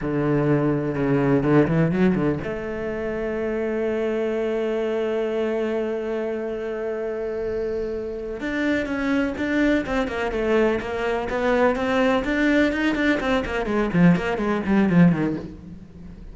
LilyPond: \new Staff \with { instrumentName = "cello" } { \time 4/4 \tempo 4 = 125 d2 cis4 d8 e8 | fis8 d8 a2.~ | a1~ | a1~ |
a4. d'4 cis'4 d'8~ | d'8 c'8 ais8 a4 ais4 b8~ | b8 c'4 d'4 dis'8 d'8 c'8 | ais8 gis8 f8 ais8 gis8 g8 f8 dis8 | }